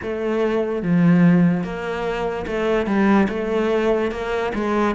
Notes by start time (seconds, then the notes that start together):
0.02 A3
0.82 F3
1.63 A#3
2.47 A3
2.86 G3
3.28 A3
4.11 A#3
4.54 G#3